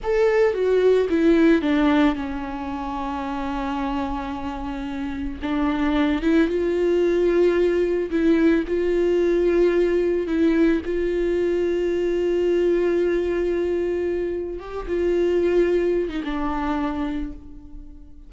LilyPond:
\new Staff \with { instrumentName = "viola" } { \time 4/4 \tempo 4 = 111 a'4 fis'4 e'4 d'4 | cis'1~ | cis'2 d'4. e'8 | f'2. e'4 |
f'2. e'4 | f'1~ | f'2. g'8 f'8~ | f'4.~ f'16 dis'16 d'2 | }